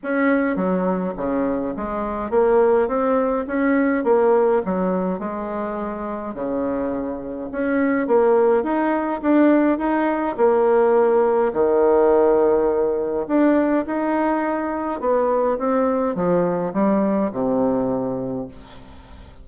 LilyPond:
\new Staff \with { instrumentName = "bassoon" } { \time 4/4 \tempo 4 = 104 cis'4 fis4 cis4 gis4 | ais4 c'4 cis'4 ais4 | fis4 gis2 cis4~ | cis4 cis'4 ais4 dis'4 |
d'4 dis'4 ais2 | dis2. d'4 | dis'2 b4 c'4 | f4 g4 c2 | }